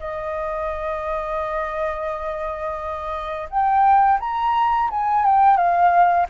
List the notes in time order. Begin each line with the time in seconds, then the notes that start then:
0.00 D#5
3.50 G5
4.21 A#5
4.91 G#5
5.26 G5
5.57 F5